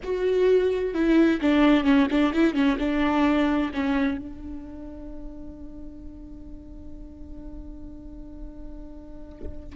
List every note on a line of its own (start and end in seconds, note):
0.03 0.93 F#4
0.93 1.40 E4
1.41 1.84 D4
1.84 2.07 C#4
2.10 2.33 D4
2.33 2.53 E4
2.53 2.77 C#4
2.78 3.71 D4
3.73 4.18 C#4
4.18 9.76 D4